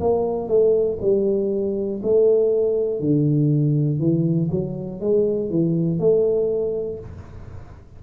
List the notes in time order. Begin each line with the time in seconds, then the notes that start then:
0.00 A#3
0.48 A3
1.01 G3
2.03 A3
3.00 D3
4.00 E3
4.51 F#3
5.00 G#3
5.50 E3
5.99 A3